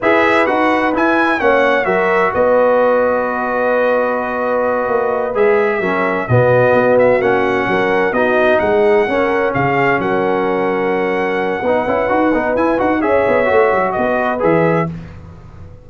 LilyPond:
<<
  \new Staff \with { instrumentName = "trumpet" } { \time 4/4 \tempo 4 = 129 e''4 fis''4 gis''4 fis''4 | e''4 dis''2.~ | dis''2.~ dis''8 e''8~ | e''4. dis''4. e''8 fis''8~ |
fis''4. dis''4 fis''4.~ | fis''8 f''4 fis''2~ fis''8~ | fis''2. gis''8 fis''8 | e''2 dis''4 e''4 | }
  \new Staff \with { instrumentName = "horn" } { \time 4/4 b'2. cis''4 | ais'4 b'2.~ | b'1~ | b'8 ais'4 fis'2~ fis'8~ |
fis'8 ais'4 fis'4 gis'4 ais'8~ | ais'8 gis'4 ais'2~ ais'8~ | ais'4 b'2. | cis''2 b'2 | }
  \new Staff \with { instrumentName = "trombone" } { \time 4/4 gis'4 fis'4 e'4 cis'4 | fis'1~ | fis'2.~ fis'8 gis'8~ | gis'8 cis'4 b2 cis'8~ |
cis'4. dis'2 cis'8~ | cis'1~ | cis'4 dis'8 e'8 fis'8 dis'8 e'8 fis'8 | gis'4 fis'2 gis'4 | }
  \new Staff \with { instrumentName = "tuba" } { \time 4/4 e'4 dis'4 e'4 ais4 | fis4 b2.~ | b2~ b8 ais4 gis8~ | gis8 fis4 b,4 b4 ais8~ |
ais8 fis4 b4 gis4 cis'8~ | cis'8 cis4 fis2~ fis8~ | fis4 b8 cis'8 dis'8 b8 e'8 dis'8 | cis'8 b8 a8 fis8 b4 e4 | }
>>